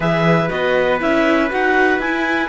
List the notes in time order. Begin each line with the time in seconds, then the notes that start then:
0.00 E3 G#4 B4 E5
0.48 B3 F#4 D#5
0.99 C#4 E4 E5
1.50 D#4 F#4 F#5
1.98 E4 G#5